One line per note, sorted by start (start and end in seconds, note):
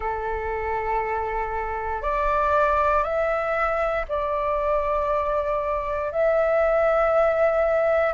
0.00 2.02 A4
2.02 3.03 D5
3.03 4.05 E5
4.08 6.11 D5
6.11 8.13 E5